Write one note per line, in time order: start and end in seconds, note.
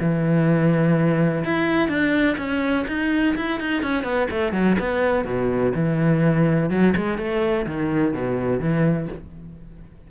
0.00 1.44 E3
1.44 1.88 E4
1.88 2.36 D4
2.38 2.86 C#4
2.88 3.36 D#4
3.36 3.60 E4
3.60 3.82 D#4
3.82 4.04 C#4
4.04 4.28 B3
4.30 4.52 A3
4.52 4.76 F#3
4.79 5.25 B3
5.25 5.73 B2
5.74 6.70 E3
6.70 6.94 F#3
6.96 7.18 G#3
7.18 7.66 A3
7.66 8.13 D#3
8.13 8.60 B2
8.60 9.08 E3